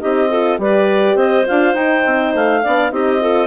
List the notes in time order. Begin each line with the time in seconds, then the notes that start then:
0.00 C4 D#4 G4 D#5
0.29 F4 A4
0.58 G3 G4 B4 D5
1.15 C4 C5 D#5
1.46 D4 F4 F5
1.74 D#4 G5
2.06 C4
2.34 A3 F5
2.62 B3 D4 D5
2.90 C4 D#4 G4 D#5
3.20 F4 A4